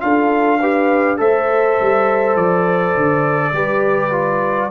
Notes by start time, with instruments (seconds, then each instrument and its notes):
0.00 tuba D4, trombone F4, horn A4, trumpet F5
0.59 trombone G4, horn B4
1.17 tuba A3, trombone A4, horn C5, trumpet E5
1.80 tuba G3
2.35 tuba F3, trumpet D5
2.97 tuba D3
3.52 tuba G3, trombone G4, horn B4
4.11 trombone F4